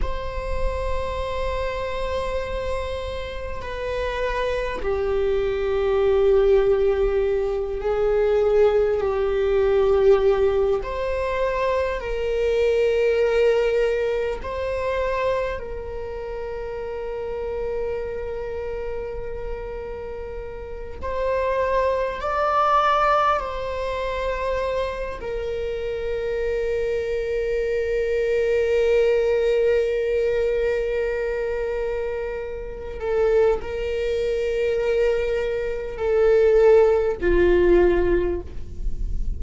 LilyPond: \new Staff \with { instrumentName = "viola" } { \time 4/4 \tempo 4 = 50 c''2. b'4 | g'2~ g'8 gis'4 g'8~ | g'4 c''4 ais'2 | c''4 ais'2.~ |
ais'4. c''4 d''4 c''8~ | c''4 ais'2.~ | ais'2.~ ais'8 a'8 | ais'2 a'4 f'4 | }